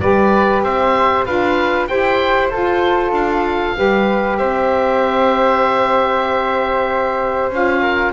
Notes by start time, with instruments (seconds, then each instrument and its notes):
0.00 double bass G3, saxophone G4, flute B4, oboe D5
0.62 double bass C4, flute C5, oboe E5
1.25 double bass D4, saxophone F4, flute B4, oboe F5
1.87 double bass E4, saxophone G4, flute C5, oboe G5
2.48 saxophone F4, double bass F4, flute A4, oboe C5
3.11 double bass D4, oboe F5
3.76 double bass G3, saxophone G4, flute B4
4.37 double bass C4, flute C5, oboe E5
7.49 double bass C#4, saxophone F4, oboe F5
7.81 flute A#4